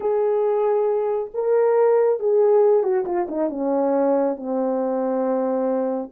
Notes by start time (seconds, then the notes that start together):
0.00 G#4
1.33 A#4
2.19 G#4
2.83 F#4
3.05 F4
3.28 D#4
3.49 C#4
4.36 C4